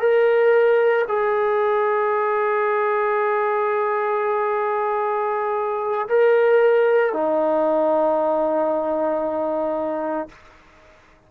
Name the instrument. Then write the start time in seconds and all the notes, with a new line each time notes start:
trombone
0.00 A#4
1.08 G#4
6.09 A#4
7.13 D#4